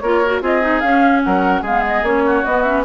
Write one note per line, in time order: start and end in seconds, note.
0.00 0.41 A#3
0.00 0.25 F4
0.00 0.42 A#4
0.00 0.41 C#5
0.26 0.42 F#4
0.41 0.82 C4
0.41 0.62 F4
0.41 1.23 G#4
0.41 0.80 D#5
0.62 0.82 D#4
0.80 1.24 C#4
0.80 1.65 C#4
0.80 1.21 F5
1.24 1.62 F#3
1.24 1.62 A#4
1.24 1.64 F#5
1.62 2.03 G#3
1.62 2.23 G#4
1.62 1.86 F5
1.68 2.05 B3
1.87 2.05 D#5
2.03 2.43 A#3
2.03 2.45 C#4
2.03 2.45 C#5
2.27 2.85 F#4
2.45 2.65 B3
2.45 2.85 B3
2.45 2.63 D#5
2.63 2.85 C#4
2.63 2.84 E5